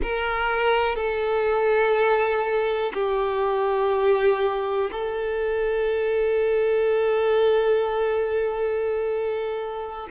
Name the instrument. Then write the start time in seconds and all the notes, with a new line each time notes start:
violin
0.02 A#4
0.95 A4
2.93 G4
4.91 A4